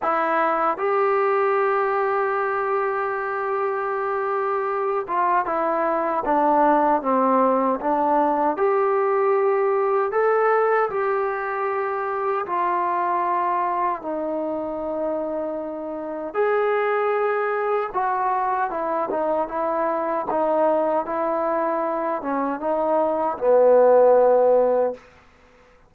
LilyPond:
\new Staff \with { instrumentName = "trombone" } { \time 4/4 \tempo 4 = 77 e'4 g'2.~ | g'2~ g'8 f'8 e'4 | d'4 c'4 d'4 g'4~ | g'4 a'4 g'2 |
f'2 dis'2~ | dis'4 gis'2 fis'4 | e'8 dis'8 e'4 dis'4 e'4~ | e'8 cis'8 dis'4 b2 | }